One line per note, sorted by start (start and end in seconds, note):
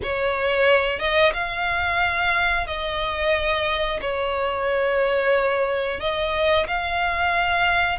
0.02 0.98 C#5
0.98 1.32 D#5
1.33 2.66 F5
2.66 4.00 D#5
4.01 6.00 C#5
6.00 6.66 D#5
6.67 7.98 F5